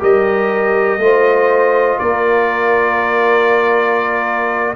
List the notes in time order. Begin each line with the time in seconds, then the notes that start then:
0.00 G3 G4 A#4 D#5
0.98 A3 F4
1.04 C5
1.99 A#3 A#4 D5